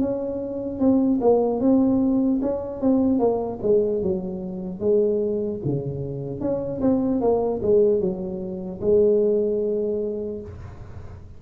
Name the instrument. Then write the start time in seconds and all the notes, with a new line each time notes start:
tuba
0.00 C#4
0.80 C4
1.21 A#3
1.61 C4
2.42 C#4
2.81 C4
3.19 A#3
3.63 G#3
4.03 F#3
4.80 G#3
5.65 C#3
6.41 C#4
6.81 C4
7.21 A#3
7.63 G#3
8.00 F#3
8.81 G#3